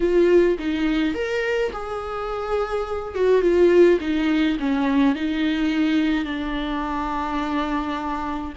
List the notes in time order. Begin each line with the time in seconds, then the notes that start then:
0.00 F4
0.58 D#4
1.14 A#4
1.72 G#4
3.14 F#4
3.41 F4
4.00 D#4
4.59 C#4
5.15 D#4
6.24 D4